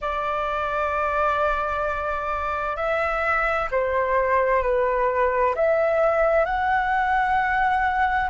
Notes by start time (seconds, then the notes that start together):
0.01 D5
2.76 E5
3.71 C5
4.62 B4
5.55 E5
6.45 F#5